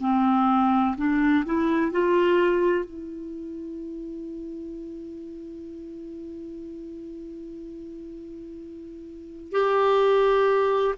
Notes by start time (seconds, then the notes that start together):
0.00 C4
0.96 D4
1.45 E4
1.91 F4
2.84 E4
9.52 G4